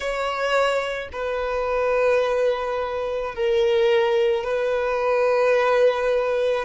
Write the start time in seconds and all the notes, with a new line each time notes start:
0.00 C#5
1.12 B4
3.34 A#4
4.44 B4